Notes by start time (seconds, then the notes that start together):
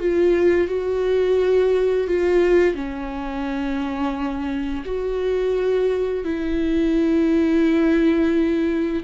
0.00 F4
0.68 F#4
2.08 F4
2.75 C#4
4.85 F#4
6.24 E4